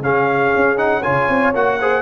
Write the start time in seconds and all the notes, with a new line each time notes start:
0.00 C#3 C#4 G#4 F5
0.56 C#4
0.77 D#4 F#5
1.03 C#3 F4 C#5 G#5
1.29 C4
1.54 A#3 F#4 F#5
1.81 G#4 C5